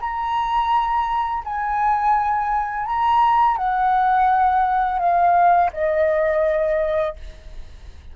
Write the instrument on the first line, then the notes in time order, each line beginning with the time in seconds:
flute
0.00 A#5
1.44 G#5
2.86 A#5
3.57 F#5
4.99 F5
5.73 D#5